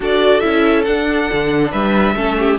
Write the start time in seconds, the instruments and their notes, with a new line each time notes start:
0.00 cello D4, viola F#4, violin A4 D5
0.40 cello C#4, viola E4, violin E5
0.84 cello D4, viola D4, violin F#5
1.32 cello D3
1.71 cello G3, violin B4 E5
2.15 cello A3, viola C#4, violin A4
2.38 violin G4